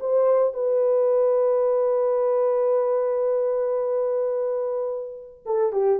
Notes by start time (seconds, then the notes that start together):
0.00 C5
0.53 B4
5.46 A4
5.72 G4